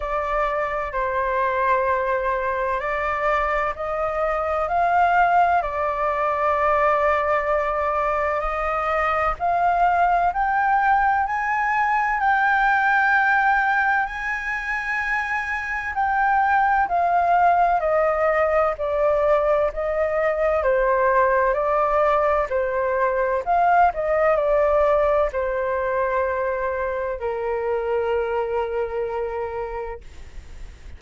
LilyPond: \new Staff \with { instrumentName = "flute" } { \time 4/4 \tempo 4 = 64 d''4 c''2 d''4 | dis''4 f''4 d''2~ | d''4 dis''4 f''4 g''4 | gis''4 g''2 gis''4~ |
gis''4 g''4 f''4 dis''4 | d''4 dis''4 c''4 d''4 | c''4 f''8 dis''8 d''4 c''4~ | c''4 ais'2. | }